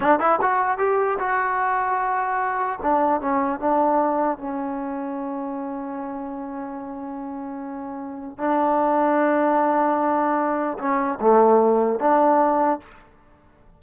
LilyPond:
\new Staff \with { instrumentName = "trombone" } { \time 4/4 \tempo 4 = 150 d'8 e'8 fis'4 g'4 fis'4~ | fis'2. d'4 | cis'4 d'2 cis'4~ | cis'1~ |
cis'1~ | cis'4 d'2.~ | d'2. cis'4 | a2 d'2 | }